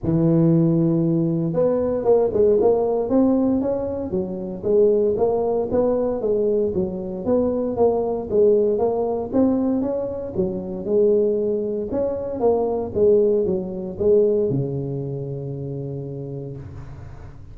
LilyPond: \new Staff \with { instrumentName = "tuba" } { \time 4/4 \tempo 4 = 116 e2. b4 | ais8 gis8 ais4 c'4 cis'4 | fis4 gis4 ais4 b4 | gis4 fis4 b4 ais4 |
gis4 ais4 c'4 cis'4 | fis4 gis2 cis'4 | ais4 gis4 fis4 gis4 | cis1 | }